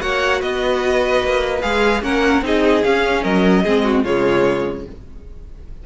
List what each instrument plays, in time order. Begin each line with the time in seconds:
0.00 cello A#3, viola F#4, violin C#5 F#5
0.40 cello B3, violin B4 D#5
1.23 cello A#3
1.62 cello G#3, viola G#4, violin F5
2.02 cello A#3, viola C#4, violin A#4 F#5
2.42 cello C4, viola D#4, violin G#4 D#5
2.84 viola C#4, cello C#4, violin F5
3.23 cello F#3, violin A#4 D#5
3.63 cello G#3, viola C4, violin G#4
3.84 violin F#4
4.04 cello C#3, viola G#3, violin F4 C#5